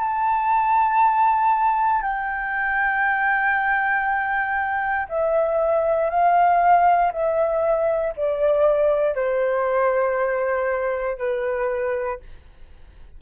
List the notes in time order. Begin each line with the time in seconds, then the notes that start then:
0.00 A5
2.02 G5
5.09 E5
6.10 F5
7.12 E5
8.16 D5
9.15 C5
11.18 B4